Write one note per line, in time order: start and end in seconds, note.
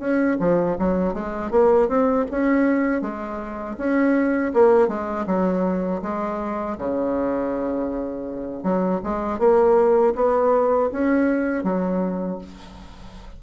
0.00 0.38 C#4
0.40 0.77 F3
0.79 1.14 F#3
1.14 1.51 G#3
1.51 1.89 A#3
1.89 2.26 C4
2.31 3.02 C#4
3.02 3.77 G#3
3.78 4.53 C#4
4.54 4.89 A#3
4.89 5.26 G#3
5.27 6.02 F#3
6.03 6.78 G#3
6.78 8.64 C#3
8.64 9.01 F#3
9.04 9.39 G#3
9.39 10.14 A#3
10.16 10.91 B3
10.93 11.64 C#4
11.64 12.39 F#3